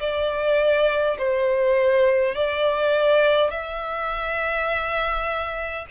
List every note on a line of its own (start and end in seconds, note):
0.00 1.18 D5
1.19 2.35 C5
2.35 3.51 D5
3.51 5.86 E5